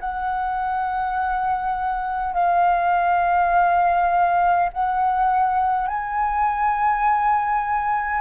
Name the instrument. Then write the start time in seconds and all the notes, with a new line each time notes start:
flute
0.00 F#5
2.34 F5
4.73 F#5
5.88 G#5